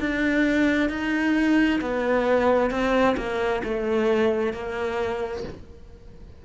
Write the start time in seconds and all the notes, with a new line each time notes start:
0.00 D4
0.90 D#4
1.81 B3
2.71 C4
3.17 A#3
3.64 A3
4.53 A#3